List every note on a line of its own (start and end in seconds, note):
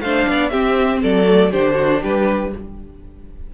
0.00 0.25 A3
0.00 0.50 D4
0.00 0.28 C5
0.00 0.49 F5
0.28 0.53 B3
0.28 0.51 D5
0.49 1.24 C4
0.49 1.03 C4
0.49 1.01 G4
0.49 0.99 E5
1.01 1.53 F#3
1.01 1.51 A4
1.01 1.52 D5
1.24 1.49 A3
1.51 2.03 D3
1.51 2.52 D4
1.51 1.74 G4
1.51 2.02 C5
1.74 1.99 F#4
2.02 2.53 G3
2.02 2.52 G4
2.02 2.54 B4